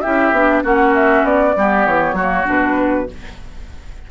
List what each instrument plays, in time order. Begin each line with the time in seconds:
0.00 bassoon C#4, clarinet E4, oboe G4, flute E5
0.31 bassoon B3, clarinet D4
0.63 bassoon A#3, clarinet C#4, oboe F#4, flute F#5
0.94 flute E5
1.23 bassoon B3, flute D5
1.56 bassoon G3, clarinet B3, oboe G4
1.86 bassoon E3, flute C#5
2.12 bassoon F#3, oboe F#4
2.19 clarinet A#3
2.45 bassoon B2, clarinet D4, flute B4